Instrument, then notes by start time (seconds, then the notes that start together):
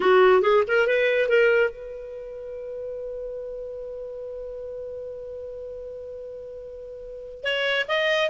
clarinet
0.00 F#4
0.42 G#4
0.67 A#4
0.87 B4
1.28 A#4
1.70 B4
7.43 C#5
7.88 D#5